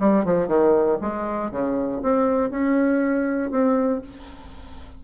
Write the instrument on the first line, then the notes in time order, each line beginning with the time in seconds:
bassoon
0.00 G3
0.25 F3
0.48 D#3
1.02 G#3
1.51 C#3
2.03 C4
2.51 C#4
3.51 C4